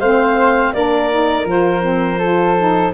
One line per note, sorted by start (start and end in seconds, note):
0.00 0.73 A3
0.00 0.76 C4
0.00 0.73 C5
0.00 0.73 F5
0.73 1.44 A#3
0.73 1.11 D4
0.73 2.18 A#4
0.73 1.46 D5
1.11 1.47 D#4
1.44 2.90 F3
1.44 1.82 F4
1.44 2.94 C5
1.82 2.18 C4
2.18 2.58 F4
2.18 2.92 A4
2.58 2.94 D#4